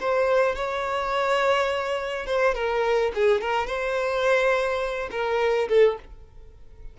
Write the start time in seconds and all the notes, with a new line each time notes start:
0.00 C5
0.55 C#5
2.26 C5
2.54 A#4
3.14 G#4
3.41 A#4
3.66 C5
5.11 A#4
5.68 A4